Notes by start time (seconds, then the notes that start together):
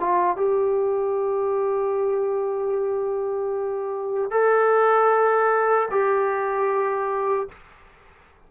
0.00 F4
0.37 G4
4.31 A4
5.91 G4